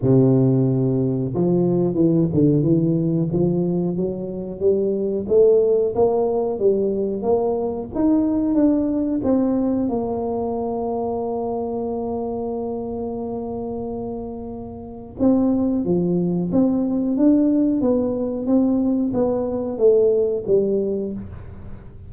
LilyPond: \new Staff \with { instrumentName = "tuba" } { \time 4/4 \tempo 4 = 91 c2 f4 e8 d8 | e4 f4 fis4 g4 | a4 ais4 g4 ais4 | dis'4 d'4 c'4 ais4~ |
ais1~ | ais2. c'4 | f4 c'4 d'4 b4 | c'4 b4 a4 g4 | }